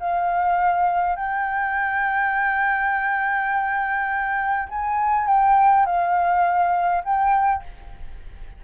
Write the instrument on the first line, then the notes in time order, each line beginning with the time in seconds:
flute
0.00 F5
1.16 G5
4.69 G#5
5.27 G5
5.86 F5
7.04 G5